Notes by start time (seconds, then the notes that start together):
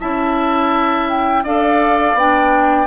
0.00 C#4 E4 E5 A5
1.09 G5
1.44 D4 A4 D5 F5
2.14 B3 D4 G5